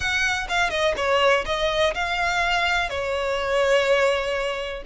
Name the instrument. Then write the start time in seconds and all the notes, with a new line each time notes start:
violin
0.00 F#5
0.48 F5
0.70 D#5
0.96 C#5
1.45 D#5
1.94 F5
2.89 C#5